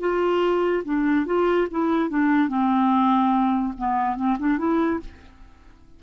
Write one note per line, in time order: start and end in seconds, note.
0.00 0.83 F4
0.84 1.26 D4
1.26 1.68 F4
1.71 2.09 E4
2.09 2.48 D4
2.48 3.73 C4
3.78 4.17 B3
4.17 4.37 C4
4.39 4.58 D4
4.58 5.00 E4